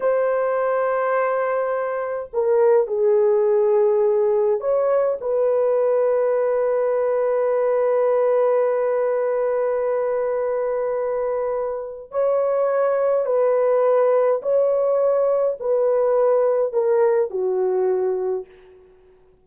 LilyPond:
\new Staff \with { instrumentName = "horn" } { \time 4/4 \tempo 4 = 104 c''1 | ais'4 gis'2. | cis''4 b'2.~ | b'1~ |
b'1~ | b'4 cis''2 b'4~ | b'4 cis''2 b'4~ | b'4 ais'4 fis'2 | }